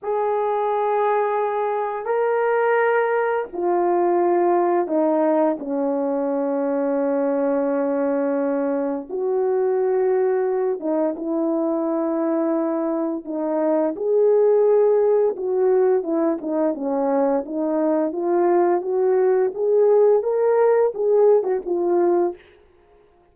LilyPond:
\new Staff \with { instrumentName = "horn" } { \time 4/4 \tempo 4 = 86 gis'2. ais'4~ | ais'4 f'2 dis'4 | cis'1~ | cis'4 fis'2~ fis'8 dis'8 |
e'2. dis'4 | gis'2 fis'4 e'8 dis'8 | cis'4 dis'4 f'4 fis'4 | gis'4 ais'4 gis'8. fis'16 f'4 | }